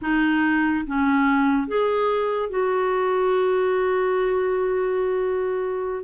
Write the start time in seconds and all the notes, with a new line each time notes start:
0.02 D#4
0.86 C#4
1.67 G#4
2.49 F#4